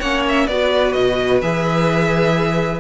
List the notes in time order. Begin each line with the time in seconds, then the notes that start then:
0.00 A#3 C#4 C#5 F#5
0.29 E5
0.48 B3 F#4 B4 D5
0.93 B2 D#5
1.42 E3 G#4 E5